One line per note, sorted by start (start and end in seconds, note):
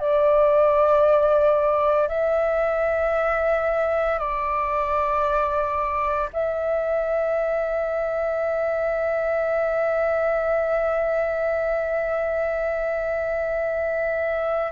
0.00 2.09 D5
2.09 4.19 E5
4.19 6.30 D5
6.33 14.73 E5